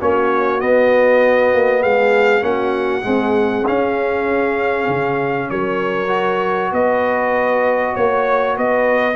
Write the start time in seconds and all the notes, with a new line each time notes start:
0.00 A#3 C#4 F#4 C#5
0.61 B3 D#5
1.55 A#3
1.82 G#3 G#4 F5
2.41 A#3 C#4 F#4 F#5
3.04 G#3 C4 G#4
3.67 C#4 F5
4.88 C#3
5.50 F#3 A#4 C#5
6.08 F#4
6.72 B3 B4 D#5
7.95 A#3 C#5
8.57 B3 B4 D#5